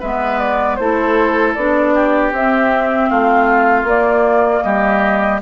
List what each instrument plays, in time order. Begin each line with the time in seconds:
0.00 bassoon G#3, clarinet B3, oboe B4, flute E5
0.39 flute D5
0.76 bassoon A3, clarinet E4, oboe A4, flute C5
1.54 bassoon B3, clarinet D4, flute D5
1.95 oboe G4
2.32 bassoon C4, clarinet C4, flute E5
3.10 bassoon A3, oboe F4, flute F5
3.84 bassoon A#3, clarinet A#3, flute D5
4.63 bassoon G3, oboe G4, flute D#5